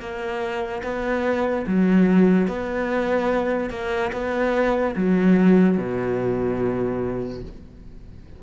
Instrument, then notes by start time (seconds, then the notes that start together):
cello
0.00 A#3
0.83 B3
1.67 F#3
2.48 B3
3.70 A#3
4.12 B3
4.96 F#3
5.78 B2